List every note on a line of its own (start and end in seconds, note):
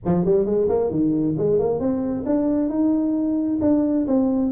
0.05 0.25 F3
0.25 0.45 G3
0.45 0.68 G#3
0.68 0.90 A#3
0.90 1.35 D#3
1.37 1.59 G#3
1.59 1.79 A#3
1.79 2.24 C4
2.26 2.69 D4
2.69 3.59 D#4
3.61 4.06 D4
4.07 4.52 C4